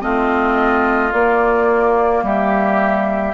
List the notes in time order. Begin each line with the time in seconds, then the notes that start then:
0.00 A3 C4 F4 D#5
1.12 A#3 D5
2.22 G3 G4 E5